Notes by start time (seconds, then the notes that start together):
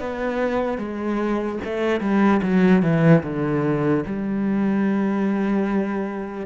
0.00 B3
0.78 G#3
1.65 A3
2.00 G3
2.43 F#3
2.82 E3
3.23 D3
4.06 G3